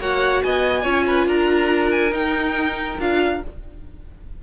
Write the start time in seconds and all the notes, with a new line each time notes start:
0.00 A#3 F#4 C#5 F#5
0.43 B3 D#5 G#5
0.83 C#4 F4 C#5
1.07 B4
1.27 D4 A#4 A#5
1.92 G#5
2.11 D#4 G5
2.99 D4 F4 F5